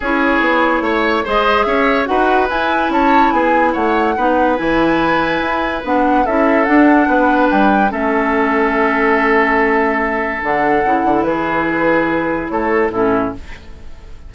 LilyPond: <<
  \new Staff \with { instrumentName = "flute" } { \time 4/4 \tempo 4 = 144 cis''2. dis''4 | e''4 fis''4 gis''4 a''4 | gis''4 fis''2 gis''4~ | gis''2 fis''4 e''4 |
fis''2 g''4 e''4~ | e''1~ | e''4 fis''2 b'4~ | b'2 cis''4 a'4 | }
  \new Staff \with { instrumentName = "oboe" } { \time 4/4 gis'2 cis''4 c''4 | cis''4 b'2 cis''4 | gis'4 cis''4 b'2~ | b'2. a'4~ |
a'4 b'2 a'4~ | a'1~ | a'2. gis'4~ | gis'2 a'4 e'4 | }
  \new Staff \with { instrumentName = "clarinet" } { \time 4/4 e'2. gis'4~ | gis'4 fis'4 e'2~ | e'2 dis'4 e'4~ | e'2 d'4 e'4 |
d'2. cis'4~ | cis'1~ | cis'4 d'4 e'2~ | e'2. cis'4 | }
  \new Staff \with { instrumentName = "bassoon" } { \time 4/4 cis'4 b4 a4 gis4 | cis'4 dis'4 e'4 cis'4 | b4 a4 b4 e4~ | e4 e'4 b4 cis'4 |
d'4 b4 g4 a4~ | a1~ | a4 d4 cis8 d8 e4~ | e2 a4 a,4 | }
>>